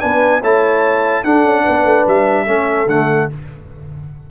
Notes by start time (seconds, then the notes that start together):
0.00 B3 D4 B4 G#5
0.41 A3 E4 C#5 A5
1.24 D4 A4 F#5
1.45 C#4
1.64 B3 B4
1.84 A3
2.07 G3 E5
2.46 A3 C#4 A4
2.86 D3 A3 F#5